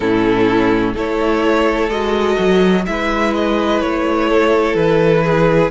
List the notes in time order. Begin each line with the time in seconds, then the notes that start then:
0.00 A2 C#4 E4 A4
0.93 A3 E4 A4 C#5
1.88 G#3 F#4 D#5
2.38 F#3
2.86 G#3 E4 B4 E5
3.34 D#5
3.80 A3 C#5
4.29 A4
4.74 E3 B4
5.24 G#4